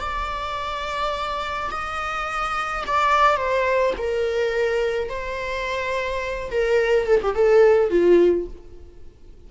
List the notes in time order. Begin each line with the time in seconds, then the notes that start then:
0.00 D5
1.71 D#5
2.87 D5
3.37 C5
3.98 A#4
5.09 C5
6.50 A#4
7.06 A4
7.22 G4
7.35 A4
7.90 F4